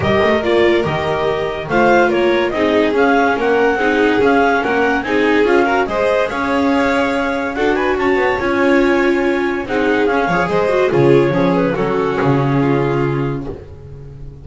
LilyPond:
<<
  \new Staff \with { instrumentName = "clarinet" } { \time 4/4 \tempo 4 = 143 dis''4 d''4 dis''2 | f''4 cis''4 dis''4 f''4 | fis''2 f''4 fis''4 | gis''4 f''4 dis''4 f''4~ |
f''2 fis''8 gis''8 a''4 | gis''2. fis''4 | f''4 dis''4 cis''4. b'8 | a'4 gis'2. | }
  \new Staff \with { instrumentName = "violin" } { \time 4/4 ais'1 | c''4 ais'4 gis'2 | ais'4 gis'2 ais'4 | gis'4. ais'8 c''4 cis''4~ |
cis''2 a'8 b'8 cis''4~ | cis''2. gis'4~ | gis'8 cis''8 c''4 gis'4 cis'4 | fis'2 f'2 | }
  \new Staff \with { instrumentName = "viola" } { \time 4/4 g'4 f'4 g'2 | f'2 dis'4 cis'4~ | cis'4 dis'4 cis'2 | dis'4 f'8 fis'8 gis'2~ |
gis'2 fis'2 | f'2. dis'4 | cis'8 gis'4 fis'8 f'4 gis'4 | cis'1 | }
  \new Staff \with { instrumentName = "double bass" } { \time 4/4 g8 a8 ais4 dis2 | a4 ais4 c'4 cis'4 | ais4 c'4 cis'4 ais4 | c'4 cis'4 gis4 cis'4~ |
cis'2 d'4 cis'8 b8 | cis'2. c'4 | cis'8 f8 gis4 cis4 f4 | fis4 cis2. | }
>>